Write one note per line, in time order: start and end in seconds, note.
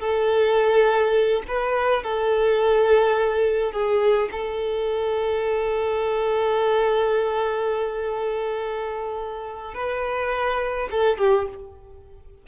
0.00 1.43 A4
1.48 2.04 B4
2.04 3.72 A4
3.72 4.29 G#4
4.31 9.74 A4
9.75 10.89 B4
10.91 11.18 A4
11.18 11.47 G4